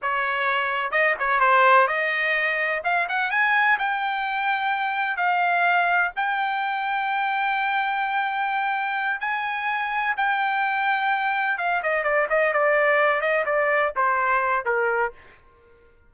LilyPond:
\new Staff \with { instrumentName = "trumpet" } { \time 4/4 \tempo 4 = 127 cis''2 dis''8 cis''8 c''4 | dis''2 f''8 fis''8 gis''4 | g''2. f''4~ | f''4 g''2.~ |
g''2.~ g''8 gis''8~ | gis''4. g''2~ g''8~ | g''8 f''8 dis''8 d''8 dis''8 d''4. | dis''8 d''4 c''4. ais'4 | }